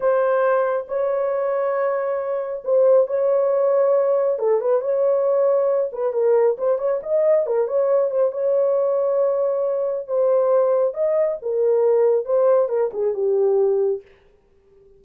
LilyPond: \new Staff \with { instrumentName = "horn" } { \time 4/4 \tempo 4 = 137 c''2 cis''2~ | cis''2 c''4 cis''4~ | cis''2 a'8 b'8 cis''4~ | cis''4. b'8 ais'4 c''8 cis''8 |
dis''4 ais'8 cis''4 c''8 cis''4~ | cis''2. c''4~ | c''4 dis''4 ais'2 | c''4 ais'8 gis'8 g'2 | }